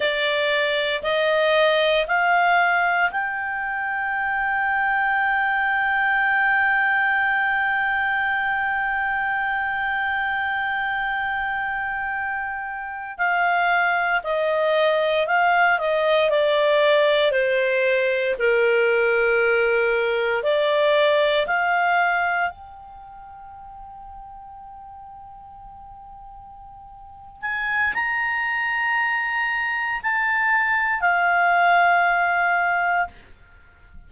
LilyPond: \new Staff \with { instrumentName = "clarinet" } { \time 4/4 \tempo 4 = 58 d''4 dis''4 f''4 g''4~ | g''1~ | g''1~ | g''8. f''4 dis''4 f''8 dis''8 d''16~ |
d''8. c''4 ais'2 d''16~ | d''8. f''4 g''2~ g''16~ | g''2~ g''8 gis''8 ais''4~ | ais''4 a''4 f''2 | }